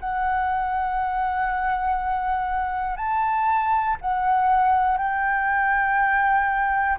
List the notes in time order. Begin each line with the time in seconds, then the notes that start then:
0.00 F#5
2.97 A5
4.01 F#5
4.97 G5